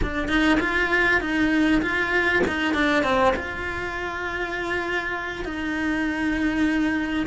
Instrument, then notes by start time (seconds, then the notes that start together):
cello
0.02 D4
0.28 D#4
0.60 F4
1.20 D#4
1.82 F4
2.47 D#4
2.74 D4
3.03 C4
3.36 F4
5.44 D#4